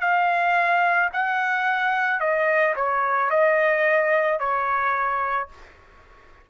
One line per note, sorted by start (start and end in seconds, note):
0.00 1.09 F5
1.13 2.20 F#5
2.20 2.74 D#5
2.75 3.30 C#5
3.30 4.39 D#5
4.39 5.48 C#5